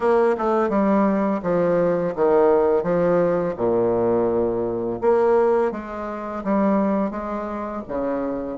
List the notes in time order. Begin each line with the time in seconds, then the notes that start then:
0.00 A#3
0.38 A3
0.69 G3
1.43 F3
2.15 D#3
2.83 F3
3.56 A#2
5.01 A#3
5.71 G#3
6.44 G3
7.11 G#3
7.88 C#3